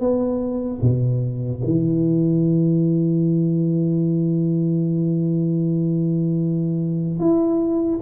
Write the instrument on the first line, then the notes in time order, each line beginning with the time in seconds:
tuba
0.00 B3
0.81 B2
1.64 E3
7.19 E4